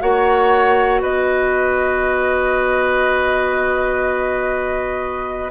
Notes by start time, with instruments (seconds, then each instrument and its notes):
0.00 bassoon A#3, clarinet F#4, oboe C#5, flute F#5
1.01 bassoon B3, oboe B4, flute D#5